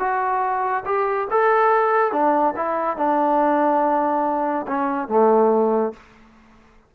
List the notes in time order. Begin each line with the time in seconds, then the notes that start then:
0.00 F#4
0.86 G4
1.31 A4
2.13 D4
2.57 E4
2.98 D4
4.68 C#4
5.09 A3